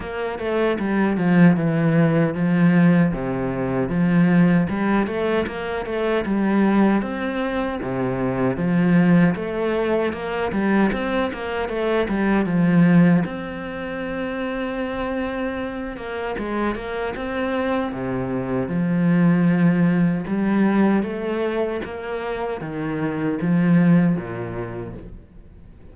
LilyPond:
\new Staff \with { instrumentName = "cello" } { \time 4/4 \tempo 4 = 77 ais8 a8 g8 f8 e4 f4 | c4 f4 g8 a8 ais8 a8 | g4 c'4 c4 f4 | a4 ais8 g8 c'8 ais8 a8 g8 |
f4 c'2.~ | c'8 ais8 gis8 ais8 c'4 c4 | f2 g4 a4 | ais4 dis4 f4 ais,4 | }